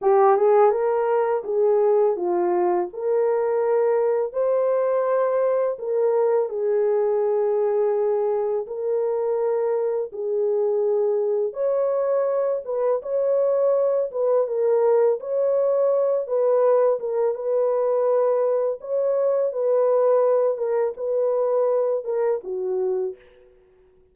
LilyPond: \new Staff \with { instrumentName = "horn" } { \time 4/4 \tempo 4 = 83 g'8 gis'8 ais'4 gis'4 f'4 | ais'2 c''2 | ais'4 gis'2. | ais'2 gis'2 |
cis''4. b'8 cis''4. b'8 | ais'4 cis''4. b'4 ais'8 | b'2 cis''4 b'4~ | b'8 ais'8 b'4. ais'8 fis'4 | }